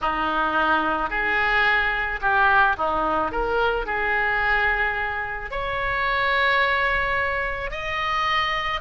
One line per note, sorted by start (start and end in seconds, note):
0.01 1.09 D#4
1.09 2.19 G#4
2.21 2.76 G4
2.77 3.31 D#4
3.31 3.86 A#4
3.86 5.50 G#4
5.50 7.70 C#5
7.70 8.80 D#5